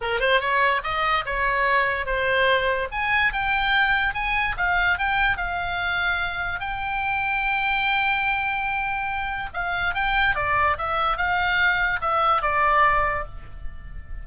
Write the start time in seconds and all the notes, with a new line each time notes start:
0.01 A#4
0.20 C5
0.40 C#5
0.83 D#5
1.25 C#5
2.05 C5
2.91 G#5
3.32 G5
4.14 G#5
4.57 F5
4.98 G5
5.37 F5
6.59 G5
9.53 F5
9.94 G5
10.35 D5
10.78 E5
11.17 F5
12.01 E5
12.41 D5